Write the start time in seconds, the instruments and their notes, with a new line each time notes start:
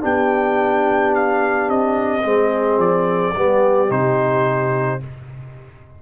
0.00 tuba B3, trombone D4, horn G4, trumpet G5
1.14 trumpet F5
1.69 tuba C4, trumpet D#5
2.23 tuba G#3, trombone C4, horn G#4
2.77 tuba F3, trumpet D5
3.34 tuba G3, trombone B3, horn G4
3.89 tuba C3, trombone D#4, trumpet C5